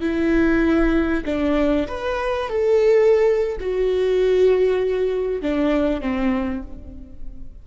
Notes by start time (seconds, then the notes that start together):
0.00 E4
1.25 D4
1.87 B4
2.49 A4
3.60 F#4
5.42 D4
6.01 C4